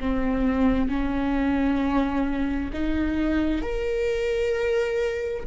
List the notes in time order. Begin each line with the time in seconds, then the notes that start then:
0.00 C4
0.89 C#4
2.73 D#4
3.62 A#4